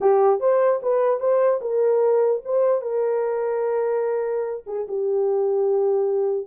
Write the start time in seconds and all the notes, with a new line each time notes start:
0.01 G4
0.39 C5
0.82 B4
1.19 C5
1.61 A#4
2.44 C5
2.81 A#4
4.66 G#4
4.87 G4